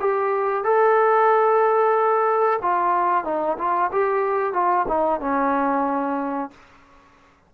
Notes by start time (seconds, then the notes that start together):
0.00 G4
0.64 A4
2.62 F4
3.25 D#4
3.58 F4
3.92 G4
4.54 F4
4.88 D#4
5.21 C#4